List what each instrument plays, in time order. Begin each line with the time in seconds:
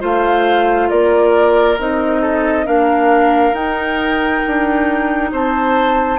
0.00 bassoon A3, clarinet F4, oboe C5, flute F5
0.90 bassoon A#3, oboe A#4, flute D5
1.79 bassoon C4, clarinet D#4, flute D#5
2.22 oboe A4
2.65 bassoon A#3, clarinet D4, oboe A#4, flute F5
3.52 bassoon D#4, clarinet D#4, flute G5
4.47 bassoon D4
5.32 bassoon C4, oboe C5, flute A5